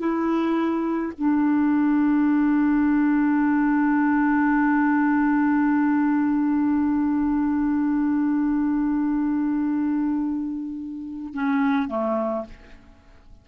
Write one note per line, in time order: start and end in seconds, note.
0.00 1.13 E4
1.18 11.34 D4
11.34 11.89 C#4
11.89 12.45 A3